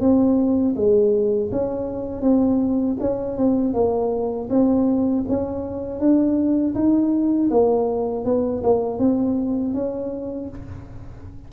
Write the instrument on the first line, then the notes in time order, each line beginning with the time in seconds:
tuba
0.00 C4
0.75 G#3
1.51 C#4
2.22 C4
3.00 C#4
3.37 C4
3.74 A#3
4.50 C4
5.28 C#4
5.99 D4
6.75 D#4
7.50 A#3
8.25 B3
8.63 A#3
8.99 C4
9.74 C#4